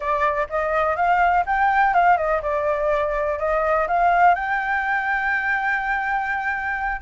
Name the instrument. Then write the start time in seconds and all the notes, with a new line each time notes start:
flute
0.00 D5
0.49 D#5
0.96 F5
1.46 G5
1.94 F5
2.17 D#5
2.41 D5
3.38 D#5
3.87 F5
4.34 G5